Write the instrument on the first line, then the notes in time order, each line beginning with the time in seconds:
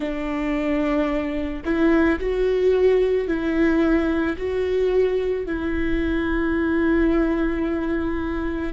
viola
0.00 D4
1.64 E4
2.19 F#4
3.27 E4
4.37 F#4
5.45 E4